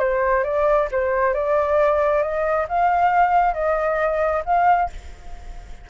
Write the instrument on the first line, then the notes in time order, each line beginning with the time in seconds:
flute
0.00 C5
0.44 D5
0.92 C5
1.34 D5
2.23 D#5
2.69 F5
3.55 D#5
4.46 F5